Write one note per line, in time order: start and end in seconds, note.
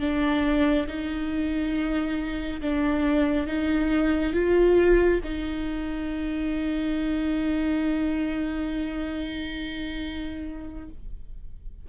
0.00 0.87 D4
0.87 2.61 D#4
2.61 3.47 D4
3.47 4.33 D#4
4.33 5.20 F4
5.23 10.89 D#4